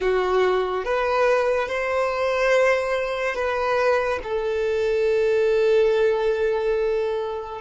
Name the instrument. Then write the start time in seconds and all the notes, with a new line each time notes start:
violin
0.00 F#4
0.84 B4
1.68 C5
3.35 B4
4.23 A4